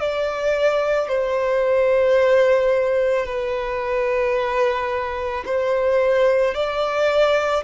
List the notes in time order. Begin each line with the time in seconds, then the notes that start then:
0.00 D5
1.09 C5
3.26 B4
5.46 C5
6.55 D5